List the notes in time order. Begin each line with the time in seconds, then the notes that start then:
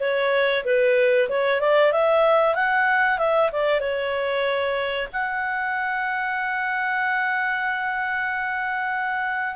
0.00 C#5
0.65 B4
1.29 C#5
1.61 D5
1.92 E5
2.55 F#5
3.18 E5
3.52 D5
3.80 C#5
5.12 F#5